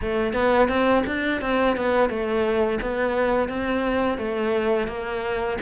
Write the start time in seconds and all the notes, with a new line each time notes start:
0.01 A3
0.33 B3
0.68 C4
1.06 D4
1.41 C4
1.76 B3
2.09 A3
2.81 B3
3.48 C4
4.18 A3
4.87 A#3